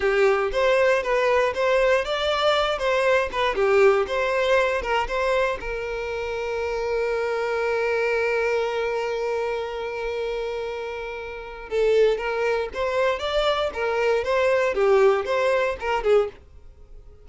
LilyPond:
\new Staff \with { instrumentName = "violin" } { \time 4/4 \tempo 4 = 118 g'4 c''4 b'4 c''4 | d''4. c''4 b'8 g'4 | c''4. ais'8 c''4 ais'4~ | ais'1~ |
ais'1~ | ais'2. a'4 | ais'4 c''4 d''4 ais'4 | c''4 g'4 c''4 ais'8 gis'8 | }